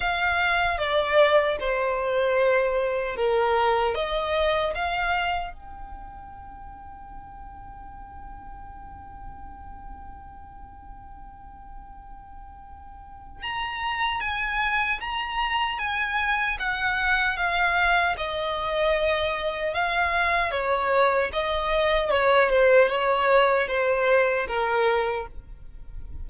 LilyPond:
\new Staff \with { instrumentName = "violin" } { \time 4/4 \tempo 4 = 76 f''4 d''4 c''2 | ais'4 dis''4 f''4 g''4~ | g''1~ | g''1~ |
g''4 ais''4 gis''4 ais''4 | gis''4 fis''4 f''4 dis''4~ | dis''4 f''4 cis''4 dis''4 | cis''8 c''8 cis''4 c''4 ais'4 | }